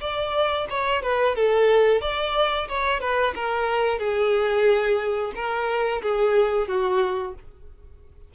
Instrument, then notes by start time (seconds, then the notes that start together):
violin
0.00 D5
0.69 C#5
1.02 B4
1.35 A4
2.01 D5
2.68 C#5
3.00 B4
3.35 A#4
3.98 G#4
5.35 A#4
6.02 G#4
6.67 F#4